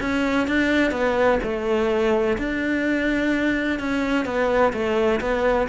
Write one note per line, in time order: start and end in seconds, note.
0.00 0.47 C#4
0.47 0.91 D4
0.91 1.39 B3
1.43 2.37 A3
2.38 3.79 D4
3.79 4.25 C#4
4.25 4.72 B3
4.73 5.20 A3
5.20 5.68 B3